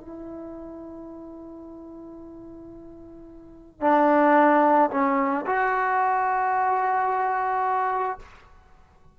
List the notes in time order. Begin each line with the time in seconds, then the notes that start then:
0.00 E4
3.81 D4
4.90 C#4
5.46 F#4